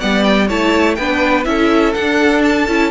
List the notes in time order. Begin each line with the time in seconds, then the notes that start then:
0.00 G3 B3 D5 F#5
0.24 G5
0.48 A3 E4 C#5 A5
0.95 B3 D4 B4 G5
1.45 C#4 E4 A4 E5
1.94 D4 F#5
2.43 A5
2.68 C#4 E4